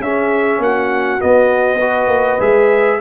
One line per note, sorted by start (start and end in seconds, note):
0.00 0.59 C#4
0.00 1.20 C#4
0.00 0.63 G#4
0.00 0.62 E5
0.59 1.19 A#3
0.59 1.79 F#4
0.59 1.22 F#5
1.20 1.80 B3
1.20 2.08 B3
1.20 2.41 D#5
1.79 2.40 F#4
1.79 2.99 B4
2.08 2.38 A#3
2.40 3.00 G#3
2.40 3.00 G#4
2.40 3.01 E5